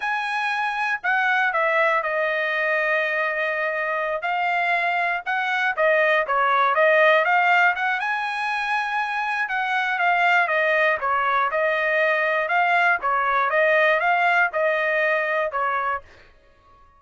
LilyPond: \new Staff \with { instrumentName = "trumpet" } { \time 4/4 \tempo 4 = 120 gis''2 fis''4 e''4 | dis''1~ | dis''8 f''2 fis''4 dis''8~ | dis''8 cis''4 dis''4 f''4 fis''8 |
gis''2. fis''4 | f''4 dis''4 cis''4 dis''4~ | dis''4 f''4 cis''4 dis''4 | f''4 dis''2 cis''4 | }